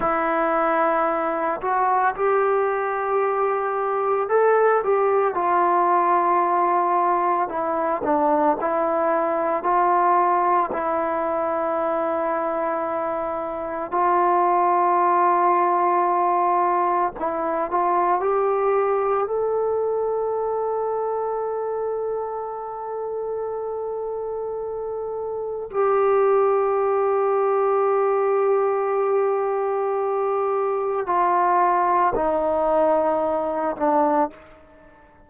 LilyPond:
\new Staff \with { instrumentName = "trombone" } { \time 4/4 \tempo 4 = 56 e'4. fis'8 g'2 | a'8 g'8 f'2 e'8 d'8 | e'4 f'4 e'2~ | e'4 f'2. |
e'8 f'8 g'4 a'2~ | a'1 | g'1~ | g'4 f'4 dis'4. d'8 | }